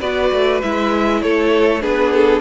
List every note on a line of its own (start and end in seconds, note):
0.00 0.32 B3
0.00 0.62 F#4
0.00 1.21 B4
0.00 0.61 D5
0.33 0.63 A3
0.62 1.23 G#3
0.62 1.81 E4
0.62 1.22 E5
1.22 1.84 A3
1.22 1.82 A4
1.22 1.82 C#5
1.81 2.41 B3
1.81 2.41 D4
1.81 2.41 G#4
1.81 2.12 B4
2.12 2.41 A4